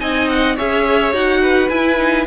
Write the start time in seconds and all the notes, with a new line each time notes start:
0.00 C4 D#4 D#5 G#5
0.29 F#5
0.56 C#4 G#4 C#5 E5
1.13 D#4 F#4 F#5
1.42 B4
1.69 E4 G#5
1.98 D#4